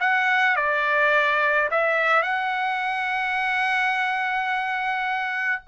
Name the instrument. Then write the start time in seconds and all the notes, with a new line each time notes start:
trumpet
0.00 F#5
0.56 D5
1.71 E5
2.22 F#5